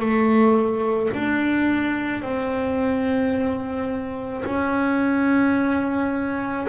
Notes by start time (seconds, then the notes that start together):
0.00 A3
1.14 D4
2.22 C4
4.45 C#4